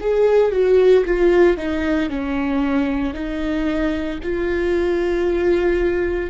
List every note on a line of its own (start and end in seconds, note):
0.00 0.52 G#4
0.52 1.04 F#4
1.05 1.57 F4
1.57 2.09 D#4
2.09 3.14 C#4
3.14 4.19 D#4
4.23 6.30 F4